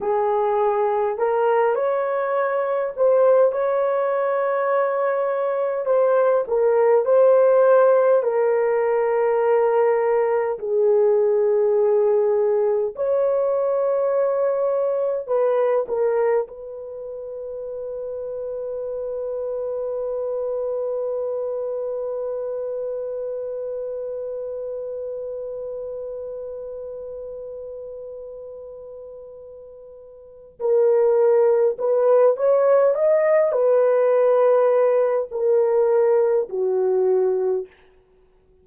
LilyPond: \new Staff \with { instrumentName = "horn" } { \time 4/4 \tempo 4 = 51 gis'4 ais'8 cis''4 c''8 cis''4~ | cis''4 c''8 ais'8 c''4 ais'4~ | ais'4 gis'2 cis''4~ | cis''4 b'8 ais'8 b'2~ |
b'1~ | b'1~ | b'2 ais'4 b'8 cis''8 | dis''8 b'4. ais'4 fis'4 | }